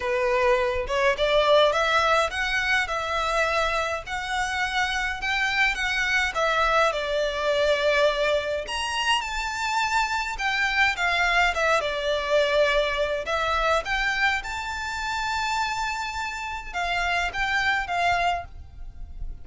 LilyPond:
\new Staff \with { instrumentName = "violin" } { \time 4/4 \tempo 4 = 104 b'4. cis''8 d''4 e''4 | fis''4 e''2 fis''4~ | fis''4 g''4 fis''4 e''4 | d''2. ais''4 |
a''2 g''4 f''4 | e''8 d''2~ d''8 e''4 | g''4 a''2.~ | a''4 f''4 g''4 f''4 | }